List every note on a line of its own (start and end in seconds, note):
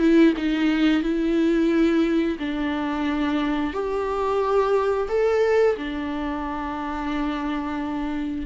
0.00 0.34 E4
0.37 1.03 D#4
1.03 2.38 E4
2.39 3.74 D4
3.74 5.09 G4
5.09 5.76 A4
5.77 8.46 D4